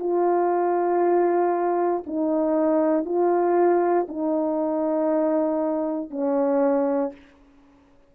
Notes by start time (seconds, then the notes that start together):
0.00 F4
2.07 D#4
3.06 F4
4.09 D#4
6.11 C#4